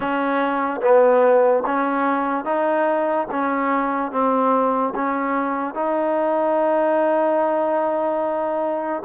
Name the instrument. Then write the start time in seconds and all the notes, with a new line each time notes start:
trombone
0.00 C#4
0.81 B3
1.66 C#4
2.44 D#4
3.31 C#4
4.11 C4
4.95 C#4
5.74 D#4